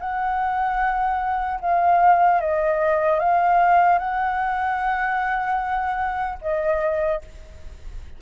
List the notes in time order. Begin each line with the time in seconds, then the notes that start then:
0.00 F#5
1.61 F5
2.41 D#5
3.20 F5
3.99 F#5
6.42 D#5